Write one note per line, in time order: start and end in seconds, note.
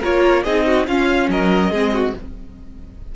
0.00 0.46 A#3
0.00 0.45 F4
0.00 0.42 A#4
0.00 0.44 C#5
0.44 0.87 C4
0.44 0.88 D#4
0.44 0.66 G#4
0.44 0.86 D#5
0.66 0.87 F#4
0.87 1.28 C#4
0.87 1.73 C#4
0.87 1.30 F4
0.87 1.30 F5
1.28 1.71 F#3
1.28 1.71 A#4
1.28 2.15 D#5
1.71 2.13 G#3
1.71 2.15 C4
1.71 1.92 G#4
1.94 2.15 F#4